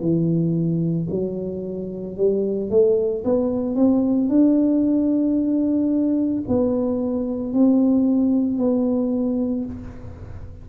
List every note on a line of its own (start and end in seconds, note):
0.00 1.07 E3
1.10 2.17 F#3
2.17 2.70 G3
2.70 3.23 A3
3.24 3.75 B3
3.75 4.29 C4
4.29 6.43 D4
6.48 7.53 B3
7.53 8.58 C4
8.58 9.65 B3